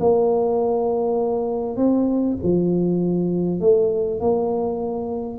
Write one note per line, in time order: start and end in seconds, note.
0.00 1.77 A#3
1.77 2.37 C4
2.43 3.61 F3
3.61 4.21 A3
4.21 5.39 A#3